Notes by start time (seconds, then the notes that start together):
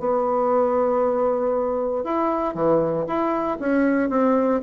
0.00 B3
2.04 E4
2.55 E3
3.08 E4
3.60 C#4
4.10 C4